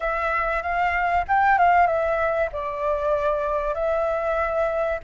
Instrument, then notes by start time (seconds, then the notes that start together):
flute
0.00 E5
0.62 F5
1.28 G5
1.58 F5
1.86 E5
2.52 D5
3.74 E5